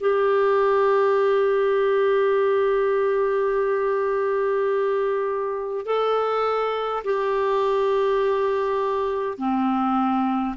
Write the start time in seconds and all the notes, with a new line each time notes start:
0.00 G4
5.86 A4
7.04 G4
9.38 C4